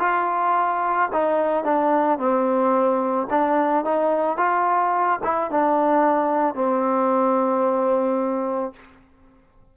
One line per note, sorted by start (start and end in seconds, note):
0.00 1.09 F4
1.13 1.64 D#4
1.64 2.19 D4
2.19 3.28 C4
3.30 3.85 D4
3.85 4.38 D#4
4.38 5.20 F4
5.24 5.51 E4
5.51 6.55 D4
6.55 8.73 C4